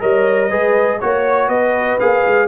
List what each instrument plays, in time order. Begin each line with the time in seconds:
0.00 tuba G3, trombone A#4, horn C#5, trumpet D#5
0.48 tuba G#3, trombone G#4, horn B4
1.00 tuba A#3, trombone F#4, horn C#5, trumpet C#5
1.47 tuba B3, horn B4, trumpet D#5
1.99 tuba A#3, trombone G#4, trumpet F5
2.26 tuba G#3